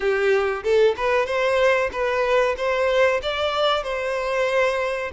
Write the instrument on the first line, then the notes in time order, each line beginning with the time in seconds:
violin
0.00 G4
0.63 A4
0.97 B4
1.26 C5
1.91 B4
2.57 C5
3.22 D5
3.83 C5